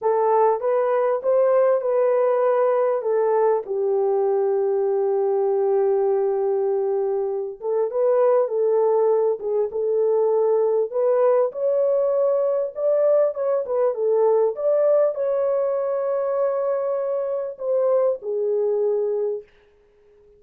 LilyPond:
\new Staff \with { instrumentName = "horn" } { \time 4/4 \tempo 4 = 99 a'4 b'4 c''4 b'4~ | b'4 a'4 g'2~ | g'1~ | g'8 a'8 b'4 a'4. gis'8 |
a'2 b'4 cis''4~ | cis''4 d''4 cis''8 b'8 a'4 | d''4 cis''2.~ | cis''4 c''4 gis'2 | }